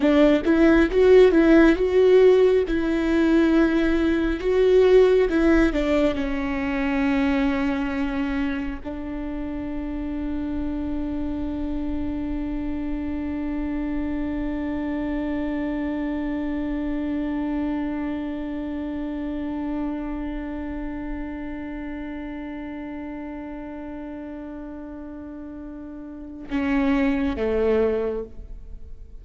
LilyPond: \new Staff \with { instrumentName = "viola" } { \time 4/4 \tempo 4 = 68 d'8 e'8 fis'8 e'8 fis'4 e'4~ | e'4 fis'4 e'8 d'8 cis'4~ | cis'2 d'2~ | d'1~ |
d'1~ | d'1~ | d'1~ | d'2 cis'4 a4 | }